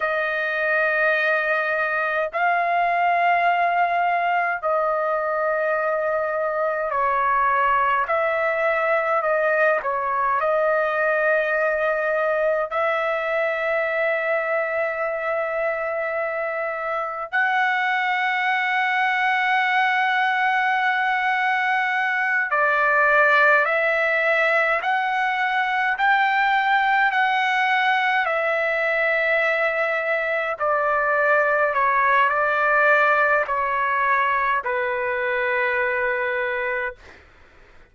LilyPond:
\new Staff \with { instrumentName = "trumpet" } { \time 4/4 \tempo 4 = 52 dis''2 f''2 | dis''2 cis''4 e''4 | dis''8 cis''8 dis''2 e''4~ | e''2. fis''4~ |
fis''2.~ fis''8 d''8~ | d''8 e''4 fis''4 g''4 fis''8~ | fis''8 e''2 d''4 cis''8 | d''4 cis''4 b'2 | }